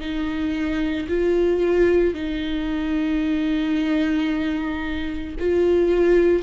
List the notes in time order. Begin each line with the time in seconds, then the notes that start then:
0.00 D#4
1.08 F4
2.14 D#4
5.39 F4